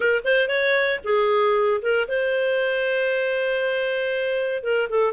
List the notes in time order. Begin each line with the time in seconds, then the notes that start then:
0.00 A#4
0.24 C5
0.48 C#5
1.03 G#4
1.81 A#4
2.07 C5
4.63 A#4
4.89 A4